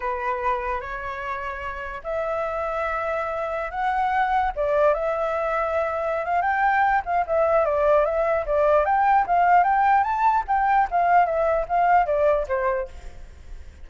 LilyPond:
\new Staff \with { instrumentName = "flute" } { \time 4/4 \tempo 4 = 149 b'2 cis''2~ | cis''4 e''2.~ | e''4~ e''16 fis''2 d''8.~ | d''16 e''2.~ e''16 f''8 |
g''4. f''8 e''4 d''4 | e''4 d''4 g''4 f''4 | g''4 a''4 g''4 f''4 | e''4 f''4 d''4 c''4 | }